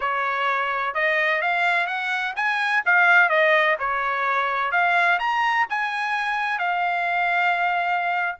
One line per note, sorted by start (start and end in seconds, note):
0.00 0.94 C#5
0.94 1.41 D#5
1.41 1.87 F5
1.87 2.34 F#5
2.35 2.83 G#5
2.85 3.29 F5
3.29 3.76 D#5
3.79 4.71 C#5
4.71 5.18 F5
5.19 5.66 A#5
5.69 6.58 G#5
6.58 8.35 F5